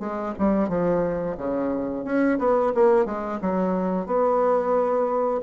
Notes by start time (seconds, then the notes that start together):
0.00 G#3
0.39 G3
0.69 F3
1.38 C#3
2.05 C#4
2.39 B3
2.75 A#3
3.06 G#3
3.42 F#3
4.07 B3